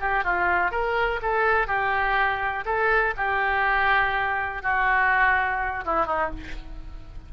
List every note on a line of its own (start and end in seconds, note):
0.00 0.24 G4
0.24 0.71 F4
0.71 1.20 A#4
1.22 1.67 A4
1.67 2.65 G4
2.65 3.14 A4
3.17 4.63 G4
4.63 5.84 F#4
5.85 6.06 E4
6.06 6.30 D#4